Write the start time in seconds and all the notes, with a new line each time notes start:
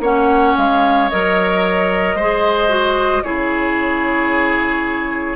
0.00 A#3 C#4 C#5 F#5
0.57 G#3 F5
1.09 F#3 A#4 D#5
2.15 G#3 G#4 C5
2.69 F#4
3.23 C#3 E4 G#4 C#5